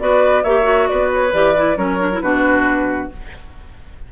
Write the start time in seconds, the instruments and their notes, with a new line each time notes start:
0.00 bassoon B3, clarinet F#4, oboe B4, flute D5
0.44 bassoon A#3, clarinet G4, oboe C#5, flute E5
0.63 clarinet F#4
0.88 bassoon B3, oboe B4, flute D5
1.14 flute C#5
1.33 bassoon E3, clarinet G4, flute D5
1.56 clarinet E4
1.76 bassoon F#3, clarinet C#4, oboe A#4, flute C#5
2.00 clarinet D4
2.13 clarinet E4
2.21 bassoon B2, clarinet D4, oboe F#4, flute B4